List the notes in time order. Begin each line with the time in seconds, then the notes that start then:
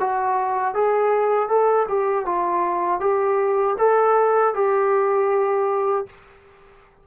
0.00 F#4
0.74 G#4
1.48 A4
1.88 G4
2.25 F4
3.00 G4
3.78 A4
4.54 G4